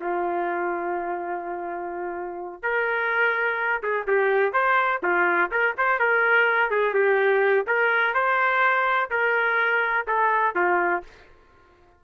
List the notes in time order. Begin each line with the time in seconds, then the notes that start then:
0.00 F4
2.62 A#4
3.82 G#4
4.07 G4
4.53 C5
5.02 F4
5.51 A#4
5.77 C5
5.99 A#4
6.70 G#4
6.94 G4
7.66 A#4
8.14 C5
9.10 A#4
10.07 A4
10.55 F4